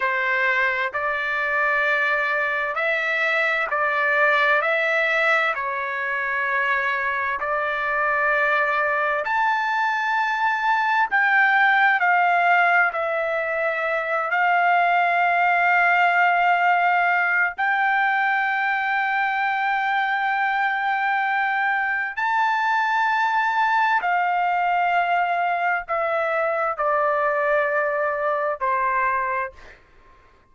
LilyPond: \new Staff \with { instrumentName = "trumpet" } { \time 4/4 \tempo 4 = 65 c''4 d''2 e''4 | d''4 e''4 cis''2 | d''2 a''2 | g''4 f''4 e''4. f''8~ |
f''2. g''4~ | g''1 | a''2 f''2 | e''4 d''2 c''4 | }